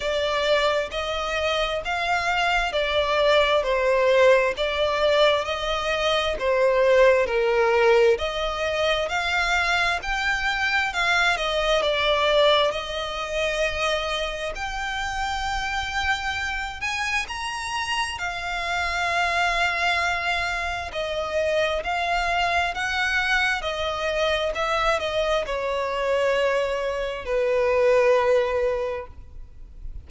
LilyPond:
\new Staff \with { instrumentName = "violin" } { \time 4/4 \tempo 4 = 66 d''4 dis''4 f''4 d''4 | c''4 d''4 dis''4 c''4 | ais'4 dis''4 f''4 g''4 | f''8 dis''8 d''4 dis''2 |
g''2~ g''8 gis''8 ais''4 | f''2. dis''4 | f''4 fis''4 dis''4 e''8 dis''8 | cis''2 b'2 | }